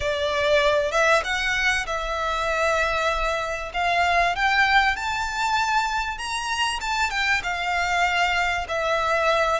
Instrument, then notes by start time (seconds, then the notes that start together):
violin
0.00 D5
0.91 E5
1.24 F#5
1.86 E5
3.73 F5
4.35 G5
4.96 A5
6.17 A#5
6.80 A5
7.10 G5
7.43 F5
8.68 E5